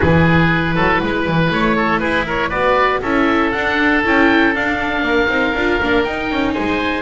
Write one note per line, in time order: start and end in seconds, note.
0.00 0.76 E3
0.00 2.52 E4
0.00 0.75 G#4
0.00 1.51 B4
0.75 1.01 F#3
0.75 1.00 A4
1.03 1.27 G#3
1.03 1.76 B4
1.27 1.50 E3
1.50 2.00 A3
1.50 1.99 C#5
1.76 2.00 A4
1.99 2.50 E4
1.99 2.25 G#4
1.99 2.24 B4
2.26 2.48 A#4
2.26 2.50 C#5
2.48 3.01 B3
2.48 3.02 F#4
2.48 2.99 B4
2.48 3.00 D5
3.01 3.53 C#4
3.01 3.54 E4
3.01 5.03 A4
3.01 3.51 E5
3.51 4.04 D4
3.51 4.01 F#5
4.04 4.54 C#4
4.04 4.55 E4
4.04 4.55 G5
4.54 5.01 D4
4.54 5.28 D4
4.54 6.03 F5
5.01 5.27 A#3
5.01 6.53 A#4
5.28 5.53 C4
5.28 5.53 D#4
5.54 5.80 D4
5.54 5.81 F4
5.81 6.06 A#3
5.81 6.06 D4
6.03 6.30 D#4
6.03 7.01 D#4
6.03 6.54 G5
6.30 6.55 C#4
6.53 7.01 G#3
6.53 7.01 C5
6.53 7.01 G#5